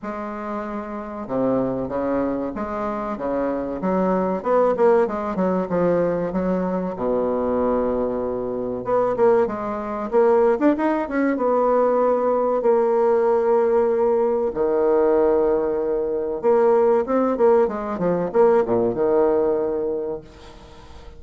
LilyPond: \new Staff \with { instrumentName = "bassoon" } { \time 4/4 \tempo 4 = 95 gis2 c4 cis4 | gis4 cis4 fis4 b8 ais8 | gis8 fis8 f4 fis4 b,4~ | b,2 b8 ais8 gis4 |
ais8. d'16 dis'8 cis'8 b2 | ais2. dis4~ | dis2 ais4 c'8 ais8 | gis8 f8 ais8 ais,8 dis2 | }